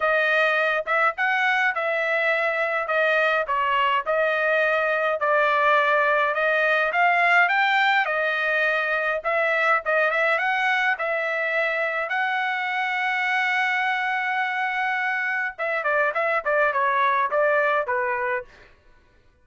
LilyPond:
\new Staff \with { instrumentName = "trumpet" } { \time 4/4 \tempo 4 = 104 dis''4. e''8 fis''4 e''4~ | e''4 dis''4 cis''4 dis''4~ | dis''4 d''2 dis''4 | f''4 g''4 dis''2 |
e''4 dis''8 e''8 fis''4 e''4~ | e''4 fis''2.~ | fis''2. e''8 d''8 | e''8 d''8 cis''4 d''4 b'4 | }